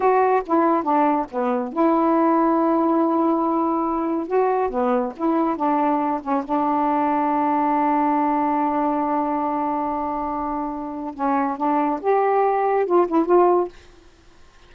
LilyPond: \new Staff \with { instrumentName = "saxophone" } { \time 4/4 \tempo 4 = 140 fis'4 e'4 d'4 b4 | e'1~ | e'2 fis'4 b4 | e'4 d'4. cis'8 d'4~ |
d'1~ | d'1~ | d'2 cis'4 d'4 | g'2 f'8 e'8 f'4 | }